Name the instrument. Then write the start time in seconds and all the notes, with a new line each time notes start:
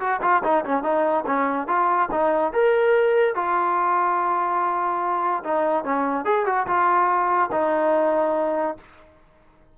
trombone
0.00 F#4
0.22 F4
0.44 D#4
0.65 C#4
0.83 D#4
1.27 C#4
1.68 F4
2.12 D#4
2.53 A#4
3.35 F4
5.44 D#4
5.84 C#4
6.25 G#4
6.46 F#4
6.67 F4
7.52 D#4